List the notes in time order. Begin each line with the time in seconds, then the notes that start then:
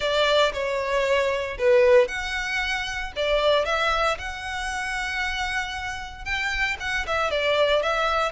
0.00 D5
0.53 C#5
1.58 B4
2.08 F#5
3.16 D5
3.65 E5
4.18 F#5
6.24 G5
6.79 F#5
7.06 E5
7.30 D5
7.82 E5